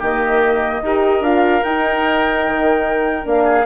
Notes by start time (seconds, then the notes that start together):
0.00 D#3 A#3 G4 D#5
0.83 D#4 G4 A#4
1.21 D4 F4 F5
1.64 D#4 G5
2.47 D#3
3.24 A#3 D4 F5
3.45 G#4